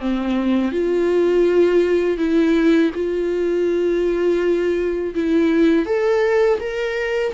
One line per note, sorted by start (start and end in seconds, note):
0.00 0.72 C4
0.72 2.18 F4
2.18 2.91 E4
2.95 5.14 F4
5.15 5.86 E4
5.86 6.59 A4
6.60 7.33 A#4